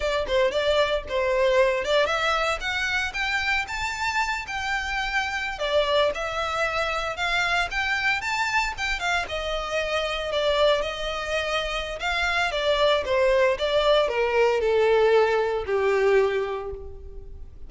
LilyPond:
\new Staff \with { instrumentName = "violin" } { \time 4/4 \tempo 4 = 115 d''8 c''8 d''4 c''4. d''8 | e''4 fis''4 g''4 a''4~ | a''8 g''2~ g''16 d''4 e''16~ | e''4.~ e''16 f''4 g''4 a''16~ |
a''8. g''8 f''8 dis''2 d''16~ | d''8. dis''2~ dis''16 f''4 | d''4 c''4 d''4 ais'4 | a'2 g'2 | }